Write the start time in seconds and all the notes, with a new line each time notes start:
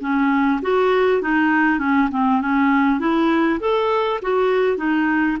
0.00 C#4
0.62 F#4
1.22 D#4
1.78 C#4
2.11 C4
2.41 C#4
2.99 E4
3.59 A4
4.22 F#4
4.77 D#4